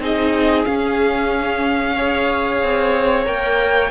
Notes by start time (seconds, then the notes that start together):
0.00 C4 D#4 G#4 D#5
0.65 C#4 F5
1.96 G#4 C#5
2.63 C4
3.25 A#3 A#4 G5